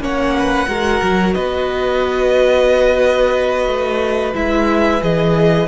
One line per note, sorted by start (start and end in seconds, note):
0.00 0.67 A#3
0.00 0.68 C#4
0.00 0.36 C#5
0.00 1.34 F#5
0.39 0.69 B4
0.68 1.02 G#3
0.68 4.35 F#4
0.68 1.35 A#4
1.02 1.36 F#3
1.34 3.67 B3
1.34 5.68 B4
1.34 4.34 D#5
3.67 4.34 A3
4.35 5.02 G#3
4.35 5.01 E4
4.35 5.03 E5
5.01 5.68 E3
5.01 5.67 G#4
5.01 5.68 D#5